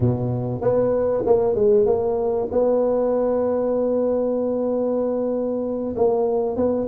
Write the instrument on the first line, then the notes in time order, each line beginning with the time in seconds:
tuba
0.00 B2
0.61 B3
1.26 A#3
1.55 G#3
1.86 A#3
2.51 B3
5.95 A#3
6.56 B3